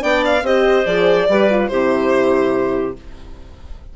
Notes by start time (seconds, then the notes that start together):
0.00 B3 D4 D5 G5
0.25 F5
0.42 C4 G4 C5 D#5
0.85 F3 G#4 D5
1.29 G3 G4 B4
1.50 F4
1.68 C3 E4 G4 C5